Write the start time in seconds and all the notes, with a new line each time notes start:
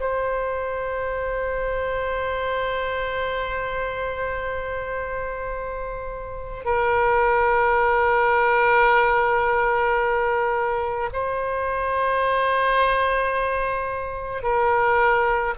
0.00 C5
6.65 A#4
11.13 C5
14.42 A#4